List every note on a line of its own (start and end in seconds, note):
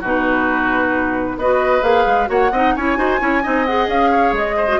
0.00 1.36 B2
0.00 1.41 D#4
0.00 1.36 F#4
0.00 1.39 B4
1.36 1.82 B3
1.36 1.81 F#4
1.36 2.29 B4
1.36 1.83 D#5
1.81 2.05 A#3
1.81 2.26 G#4
1.81 2.29 F5
2.06 2.28 G#3
2.26 2.52 A#3
2.26 2.49 F#4
2.26 2.51 C#5
2.26 2.75 F#5
2.51 2.74 C4
2.51 2.78 D#4
2.51 2.74 D#5
2.75 2.97 C#4
2.75 2.96 E4
2.75 2.98 C#5
2.75 3.65 G#5
2.96 3.20 D#4
2.96 3.19 F#4
2.96 3.20 C5
3.19 3.43 C#4
3.19 3.42 E4
3.19 3.42 C#5
3.42 3.87 C4
3.42 3.65 D#4
3.42 4.10 D#5
3.65 4.67 G#4
3.65 3.88 F#5
3.87 4.32 C#4
3.87 4.34 F5
4.10 4.56 C#5
4.32 4.77 G#3
4.32 4.80 D#5
4.56 4.79 C5
4.67 4.79 F#4